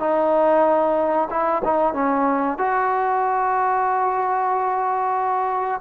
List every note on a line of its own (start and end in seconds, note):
0.00 1.29 D#4
1.31 1.63 E4
1.65 1.94 D#4
1.94 2.59 C#4
2.59 5.81 F#4